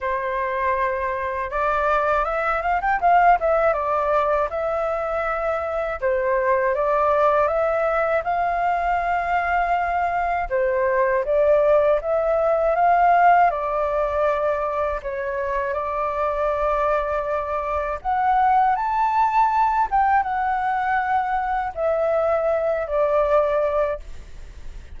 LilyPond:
\new Staff \with { instrumentName = "flute" } { \time 4/4 \tempo 4 = 80 c''2 d''4 e''8 f''16 g''16 | f''8 e''8 d''4 e''2 | c''4 d''4 e''4 f''4~ | f''2 c''4 d''4 |
e''4 f''4 d''2 | cis''4 d''2. | fis''4 a''4. g''8 fis''4~ | fis''4 e''4. d''4. | }